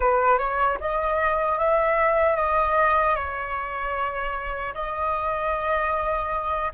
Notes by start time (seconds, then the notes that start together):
0.00 B4
0.38 C#5
0.80 D#5
1.58 E5
2.36 D#5
3.15 C#5
4.74 D#5